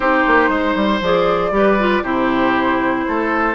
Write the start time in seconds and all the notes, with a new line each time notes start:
0.00 C4 D#4 G4 C5
0.26 A#3
0.49 G#3 C5
0.75 G3
1.01 F3 G#4 D5
1.51 G3 G4 B4
1.79 F4
2.02 C3 E4 G4 C5
3.07 A3 A4